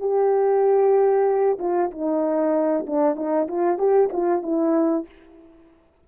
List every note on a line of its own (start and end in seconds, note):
0.00 1.58 G4
1.59 1.91 F4
1.91 2.86 D#4
2.87 3.16 D4
3.16 3.48 D#4
3.48 3.79 F4
3.79 4.10 G4
4.13 4.43 F4
4.43 5.06 E4